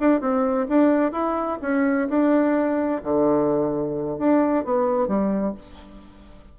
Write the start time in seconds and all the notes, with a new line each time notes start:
0.00 D4
0.21 C4
0.68 D4
1.12 E4
1.62 C#4
2.08 D4
3.03 D3
4.18 D4
4.64 B3
5.08 G3